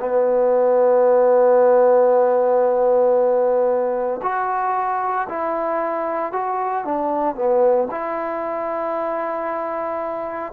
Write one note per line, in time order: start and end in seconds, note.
0.00 4.21 B3
4.22 5.28 F#4
5.29 6.33 E4
6.33 6.85 F#4
6.85 7.35 D4
7.35 7.88 B3
7.91 10.53 E4